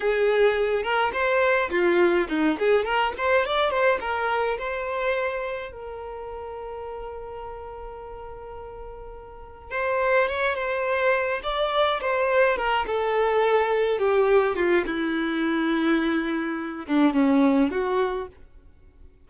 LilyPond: \new Staff \with { instrumentName = "violin" } { \time 4/4 \tempo 4 = 105 gis'4. ais'8 c''4 f'4 | dis'8 gis'8 ais'8 c''8 d''8 c''8 ais'4 | c''2 ais'2~ | ais'1~ |
ais'4 c''4 cis''8 c''4. | d''4 c''4 ais'8 a'4.~ | a'8 g'4 f'8 e'2~ | e'4. d'8 cis'4 fis'4 | }